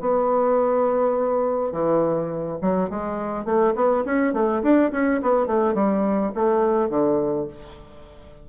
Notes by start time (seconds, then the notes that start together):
0.00 B3
1.72 E3
2.61 F#3
2.90 G#3
3.45 A3
3.75 B3
4.05 C#4
4.33 A3
4.62 D4
4.92 C#4
5.22 B3
5.46 A3
5.74 G3
6.34 A3
6.89 D3